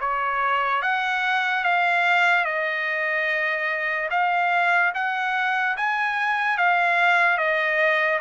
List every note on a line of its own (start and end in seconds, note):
0.00 0.82 C#5
0.82 1.64 F#5
1.64 2.45 F5
2.45 4.09 D#5
4.11 4.93 F5
4.94 5.76 F#5
5.77 6.58 G#5
6.58 7.37 F5
7.37 8.20 D#5